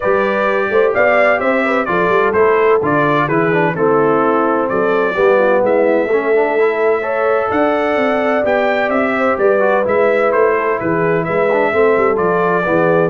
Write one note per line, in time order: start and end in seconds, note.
0.00 0.70 G3
0.00 1.86 G4
0.00 0.69 B4
0.00 0.93 D5
0.70 0.93 A3
0.70 0.94 C5
0.94 1.40 B3
0.94 1.39 D5
0.94 1.40 F5
1.39 1.87 C4
1.39 1.63 C5
1.39 1.85 E5
1.64 1.88 B4
1.85 2.09 F3
1.85 2.33 F4
1.85 3.26 A4
1.85 2.32 D5
2.09 2.32 G3
2.32 2.80 A3
2.32 2.80 E4
2.32 2.79 C5
2.82 3.28 D3
2.82 3.29 F4
2.82 3.28 D5
3.26 3.75 E3
3.26 3.52 E4
3.26 3.73 G#4
3.26 3.75 B4
3.52 3.75 D4
3.75 4.70 A3
3.75 5.14 C4
3.75 4.70 E4
3.75 4.68 A4
4.68 5.17 F#3
4.68 5.13 A4
4.68 5.62 D5
5.13 5.63 G3
5.13 6.08 B3
5.13 5.37 G4
5.38 5.61 F4
5.62 6.05 G#3
5.62 6.09 E4
5.62 7.51 E5
6.05 7.46 A3
6.05 7.01 A4
6.12 6.34 C#4
6.34 6.58 D4
6.58 7.02 E4
7.01 8.43 A4
7.01 7.48 C#5
7.48 7.96 D4
7.48 9.12 D5
7.48 8.44 F#5
7.96 8.43 C4
8.43 8.88 B3
8.43 9.59 G4
8.43 8.89 G5
8.88 9.35 C4
8.88 9.36 E5
9.17 9.38 C5
9.37 9.84 G3
9.37 10.56 B4
9.37 9.85 D5
9.59 9.83 F#4
9.84 10.33 G#3
9.84 11.48 E4
9.84 10.32 E5
10.32 10.80 A3
10.32 10.79 C5
10.56 10.80 A4
10.79 11.28 E3
10.79 11.24 G#4
10.79 11.24 B4
11.24 11.73 G#3
11.24 11.71 B4
11.24 12.17 E5
11.52 11.73 D4
11.73 11.96 A3
11.73 12.15 C4
11.73 12.66 A4
11.97 12.18 G3
12.15 12.65 F3
12.15 12.62 F4
12.15 13.09 D5
12.64 13.09 E3
12.64 13.09 B3
12.64 13.09 G#4